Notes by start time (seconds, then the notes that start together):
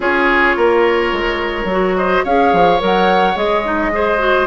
0.00 C#4 F4 G#4 C#5
0.56 A#3 A#4
1.12 G#3
1.64 F#3
1.70 F#4
1.96 C5 D#5
2.23 C#4 G#4 C#5 F5
2.53 F3
2.78 F#3 A#4 F#5
3.35 G#3 G#4 D#5
3.63 D#4
3.92 G#4 C5
4.18 F#4